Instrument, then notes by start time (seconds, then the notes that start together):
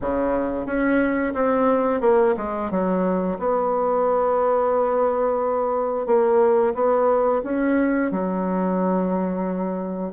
bassoon
0.01 C#3
0.66 C#4
1.34 C4
2.00 A#3
2.37 G#3
2.70 F#3
3.38 B3
6.06 A#3
6.74 B3
7.43 C#4
8.11 F#3